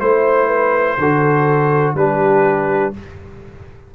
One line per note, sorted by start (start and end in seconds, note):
0.00 0.97 A3
0.00 0.98 E4
0.00 1.94 C5
0.00 0.47 C5
0.47 0.96 B4
0.97 1.94 D3
0.97 1.97 F#4
0.97 1.95 A4
1.94 2.91 G3
1.94 2.93 D4
1.94 2.95 G4
1.94 2.93 B4